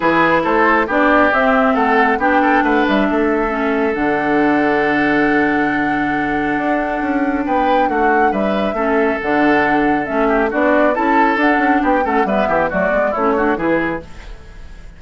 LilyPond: <<
  \new Staff \with { instrumentName = "flute" } { \time 4/4 \tempo 4 = 137 b'4 c''4 d''4 e''4 | fis''4 g''4 fis''8 e''4.~ | e''4 fis''2.~ | fis''1~ |
fis''4 g''4 fis''4 e''4~ | e''4 fis''2 e''4 | d''4 a''4 fis''4 g''8 fis''8 | e''4 d''4 cis''4 b'4 | }
  \new Staff \with { instrumentName = "oboe" } { \time 4/4 gis'4 a'4 g'2 | a'4 g'8 a'8 b'4 a'4~ | a'1~ | a'1~ |
a'4 b'4 fis'4 b'4 | a'2.~ a'8 g'8 | fis'4 a'2 g'8 a'8 | b'8 g'8 fis'4 e'8 fis'8 gis'4 | }
  \new Staff \with { instrumentName = "clarinet" } { \time 4/4 e'2 d'4 c'4~ | c'4 d'2. | cis'4 d'2.~ | d'1~ |
d'1 | cis'4 d'2 cis'4 | d'4 e'4 d'4. cis'8 | b4 a8 b8 cis'8 d'8 e'4 | }
  \new Staff \with { instrumentName = "bassoon" } { \time 4/4 e4 a4 b4 c'4 | a4 b4 a8 g8 a4~ | a4 d2.~ | d2. d'4 |
cis'4 b4 a4 g4 | a4 d2 a4 | b4 cis'4 d'8 cis'8 b8 a8 | g8 e8 fis8 gis8 a4 e4 | }
>>